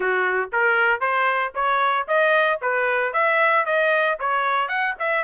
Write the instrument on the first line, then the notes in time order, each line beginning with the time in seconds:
trumpet
0.00 F#4
0.52 A#4
1.00 C5
1.54 C#5
2.07 D#5
2.61 B4
3.13 E5
3.65 D#5
4.19 C#5
4.68 F#5
4.99 E5